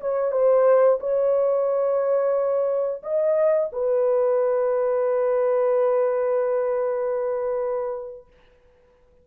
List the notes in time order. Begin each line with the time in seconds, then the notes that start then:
0.00 C#5
0.32 C5
1.00 C#5
3.03 D#5
3.72 B4